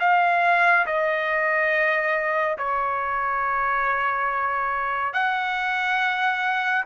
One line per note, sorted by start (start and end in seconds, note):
0.00 0.86 F5
0.86 2.58 D#5
2.58 5.14 C#5
5.14 6.85 F#5